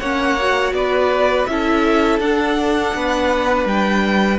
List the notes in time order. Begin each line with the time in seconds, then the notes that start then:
0.00 A#3 C#4 C#5 F#5
0.40 F#4
0.73 B3 B4 D5
1.46 C#4 E4 A4 E5
2.20 D4 F#5
2.95 B3 B4
3.66 G3 G5